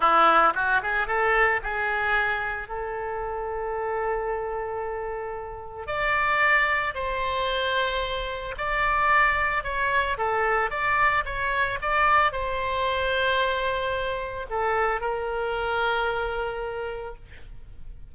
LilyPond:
\new Staff \with { instrumentName = "oboe" } { \time 4/4 \tempo 4 = 112 e'4 fis'8 gis'8 a'4 gis'4~ | gis'4 a'2.~ | a'2. d''4~ | d''4 c''2. |
d''2 cis''4 a'4 | d''4 cis''4 d''4 c''4~ | c''2. a'4 | ais'1 | }